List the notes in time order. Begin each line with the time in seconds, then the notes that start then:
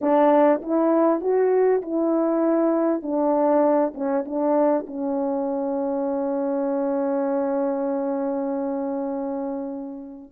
0.01 D4
0.61 E4
1.20 F#4
1.82 E4
3.02 D4
3.94 C#4
4.25 D4
4.87 C#4